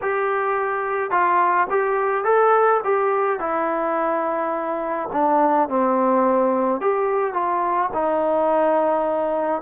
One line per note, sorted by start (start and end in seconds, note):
0.01 1.10 G4
1.10 1.67 F4
1.70 2.24 G4
2.24 2.80 A4
2.84 3.39 G4
3.39 5.09 E4
5.12 5.69 D4
5.69 6.81 C4
6.81 7.33 G4
7.33 7.90 F4
7.93 9.61 D#4